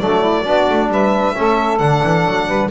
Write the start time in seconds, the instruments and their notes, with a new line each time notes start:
0.00 double bass F#3, trombone A3, saxophone D4, violin D5
0.21 saxophone E4
0.44 double bass B3, trombone D4, saxophone F#4
0.70 double bass A3
0.88 double bass G3, saxophone B4, violin E5
1.35 double bass A3, trombone C#4, saxophone A4
1.79 double bass D3, trombone D4, violin F#5
2.03 double bass E3
2.25 double bass F#3
2.48 double bass G3, saxophone B4